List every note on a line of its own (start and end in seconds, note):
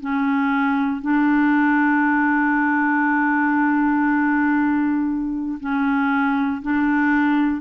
0.00 1.01 C#4
1.01 5.59 D4
5.60 6.61 C#4
6.62 7.61 D4